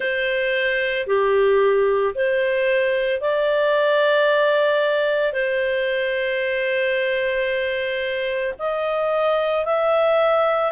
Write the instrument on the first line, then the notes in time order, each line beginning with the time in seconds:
clarinet
0.00 C5
1.07 G4
2.14 C5
3.20 D5
5.33 C5
8.59 D#5
9.65 E5